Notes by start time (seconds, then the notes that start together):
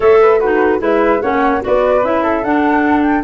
0.00 A3 A4 C#5 E5
0.21 B4
0.38 D#4 F#4 B4
0.78 G#3 E4 B4 E5
1.21 A#3 C#4 C#5 F#5
1.60 F#4 B4 D5
1.66 B3
2.03 C#4 E4 E5
2.23 A4
2.43 D4 F#5
3.02 G5